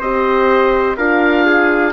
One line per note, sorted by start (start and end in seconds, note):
0.00 0.97 C4
0.00 0.98 G4
0.00 0.97 C5
0.00 0.98 D#5
0.97 1.94 D4
0.97 1.94 F4
0.97 1.46 A#4
0.97 1.94 F5
1.46 1.94 G#4